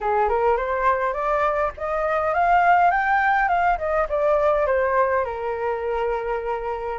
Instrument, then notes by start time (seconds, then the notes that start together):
flute
0.00 G#4
0.28 A#4
0.56 C5
1.13 D5
1.77 D#5
2.34 F5
2.90 G5
3.48 F5
3.78 D#5
4.09 D5
4.66 C5
5.24 A#4